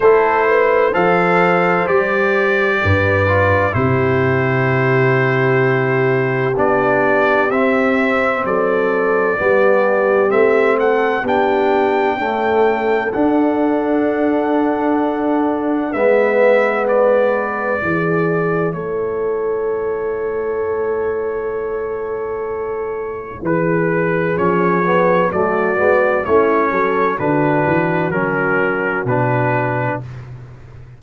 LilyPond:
<<
  \new Staff \with { instrumentName = "trumpet" } { \time 4/4 \tempo 4 = 64 c''4 f''4 d''2 | c''2. d''4 | e''4 d''2 e''8 fis''8 | g''2 fis''2~ |
fis''4 e''4 d''2 | cis''1~ | cis''4 b'4 cis''4 d''4 | cis''4 b'4 ais'4 b'4 | }
  \new Staff \with { instrumentName = "horn" } { \time 4/4 a'8 b'8 c''2 b'4 | g'1~ | g'4 a'4 g'4. a'8 | g'4 a'2.~ |
a'4 b'2 gis'4 | a'1~ | a'4 gis'2 fis'4 | e'8 a'8 fis'2. | }
  \new Staff \with { instrumentName = "trombone" } { \time 4/4 e'4 a'4 g'4. f'8 | e'2. d'4 | c'2 b4 c'4 | d'4 a4 d'2~ |
d'4 b2 e'4~ | e'1~ | e'2 cis'8 b8 a8 b8 | cis'4 d'4 cis'4 d'4 | }
  \new Staff \with { instrumentName = "tuba" } { \time 4/4 a4 f4 g4 g,4 | c2. b4 | c'4 fis4 g4 a4 | b4 cis'4 d'2~ |
d'4 gis2 e4 | a1~ | a4 e4 f4 fis8 gis8 | a8 fis8 d8 e8 fis4 b,4 | }
>>